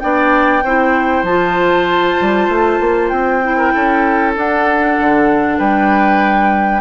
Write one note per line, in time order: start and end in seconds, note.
0.00 0.64 B3
0.00 0.62 D4
0.00 0.64 D5
0.00 1.24 G5
0.64 1.23 C4
0.64 1.27 E4
0.64 3.57 C5
1.23 2.16 F3
1.23 3.43 F4
1.23 3.09 A5
2.21 2.49 G3
2.49 2.80 A3
2.81 3.11 A#3
3.09 3.73 C4
3.09 4.33 G5
3.43 4.36 E4
3.57 3.73 A#4
3.74 4.36 C#4
3.74 5.58 A4
4.36 4.98 D4
4.36 6.81 D4
4.36 5.59 F#5
5.00 5.59 D3
5.58 6.81 G3
5.58 6.81 B4
5.58 6.81 G5